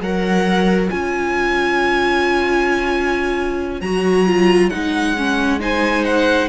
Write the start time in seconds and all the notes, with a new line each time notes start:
0.00 F#3 A#4 C#5 F#5
0.89 C#4 F4 G#5
3.81 F#3 F#4 A#5
4.27 F4
4.69 G#3 D#4 F#5
5.17 C#4
5.59 D#4 C5 G#5
6.04 F#5